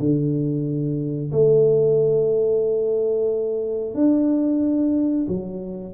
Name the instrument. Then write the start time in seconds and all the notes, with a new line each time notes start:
tuba
0.00 D3
1.32 A3
3.95 D4
5.28 F#3